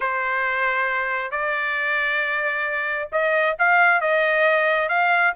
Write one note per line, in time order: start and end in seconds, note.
0.00 1.31 C5
1.31 3.08 D5
3.12 3.56 D#5
3.58 4.01 F5
4.01 4.88 D#5
4.88 5.33 F5